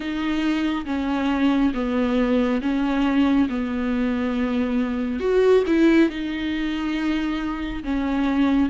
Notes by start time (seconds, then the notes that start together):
0.00 D#4
0.85 C#4
1.74 B3
2.61 C#4
3.49 B3
5.20 F#4
5.66 E4
6.09 D#4
7.83 C#4